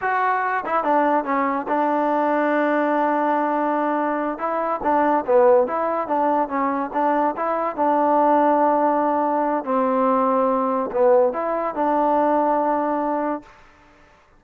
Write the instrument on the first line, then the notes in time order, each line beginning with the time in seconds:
trombone
0.01 F#4
0.65 E4
0.83 D4
1.24 C#4
1.68 D4
4.38 E4
4.83 D4
5.26 B3
5.67 E4
6.07 D4
6.48 C#4
6.93 D4
7.36 E4
7.76 D4
9.64 C4
10.91 B3
11.32 E4
11.74 D4